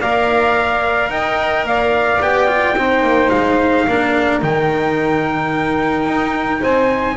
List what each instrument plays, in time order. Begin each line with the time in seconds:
0.00 double bass A#3, cello A#4, saxophone D5, trumpet F5
1.09 double bass D#4, saxophone D#5, trumpet G5
1.64 double bass A#3, saxophone D5, trumpet F5
2.20 double bass B3, cello G4, trumpet G5
2.47 cello F4
2.75 double bass C4, cello D#4, saxophone C5
3.02 double bass A#3
3.30 double bass G#3, trumpet F5
3.88 double bass A#3, cello D4, saxophone A#4
4.42 double bass D#3, cello D#4, trumpet G5
6.06 double bass D#4
6.61 double bass C4, saxophone C5, trumpet G#5